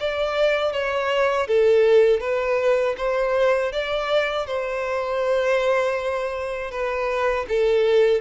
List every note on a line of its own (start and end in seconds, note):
0.00 0.73 D5
0.73 1.48 C#5
1.48 2.21 A4
2.21 2.96 B4
2.98 3.72 C5
3.72 4.47 D5
4.47 6.71 C5
6.71 7.46 B4
7.49 8.21 A4